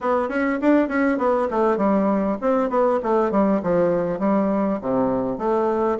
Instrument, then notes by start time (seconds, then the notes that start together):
bassoon
0.00 B3
0.28 C#4
0.61 D4
0.88 C#4
1.18 B3
1.50 A3
1.77 G3
2.41 C4
2.69 B3
3.02 A3
3.31 G3
3.62 F3
4.19 G3
4.81 C3
5.38 A3